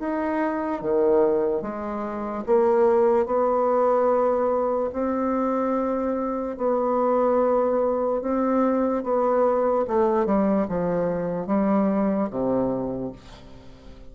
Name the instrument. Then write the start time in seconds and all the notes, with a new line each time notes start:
bassoon
0.00 D#4
0.82 D#3
1.62 G#3
2.47 A#3
3.26 B3
4.93 C4
6.58 B3
8.22 C4
9.04 B3
9.88 A3
10.26 G3
10.68 F3
11.47 G3
12.31 C3